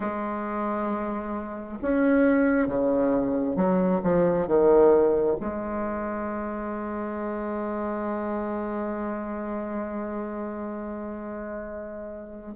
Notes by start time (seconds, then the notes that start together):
0.00 G#3
1.82 C#4
2.67 C#3
3.56 F#3
4.03 F3
4.47 D#3
5.40 G#3